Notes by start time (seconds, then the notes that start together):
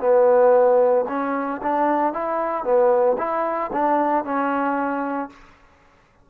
0.00 B3
1.09 C#4
1.63 D4
2.13 E4
2.64 B3
3.19 E4
3.73 D4
4.24 C#4